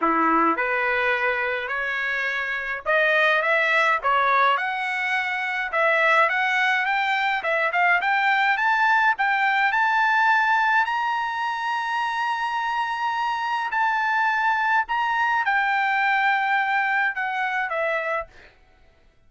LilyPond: \new Staff \with { instrumentName = "trumpet" } { \time 4/4 \tempo 4 = 105 e'4 b'2 cis''4~ | cis''4 dis''4 e''4 cis''4 | fis''2 e''4 fis''4 | g''4 e''8 f''8 g''4 a''4 |
g''4 a''2 ais''4~ | ais''1 | a''2 ais''4 g''4~ | g''2 fis''4 e''4 | }